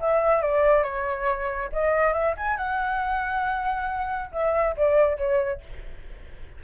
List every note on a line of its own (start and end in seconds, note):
0.00 0.42 E5
0.42 0.83 D5
0.83 1.70 C#5
1.73 2.13 D#5
2.13 2.35 E5
2.37 2.57 G#5
2.57 4.31 F#5
4.32 4.75 E5
4.77 5.17 D5
5.17 5.61 C#5